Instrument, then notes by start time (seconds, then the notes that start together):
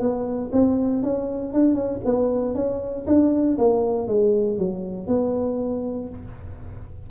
tuba
0.00 B3
0.52 C4
1.03 C#4
1.53 D4
1.74 C#4
2.05 B3
2.55 C#4
3.07 D4
3.58 A#3
4.07 G#3
4.58 F#3
5.07 B3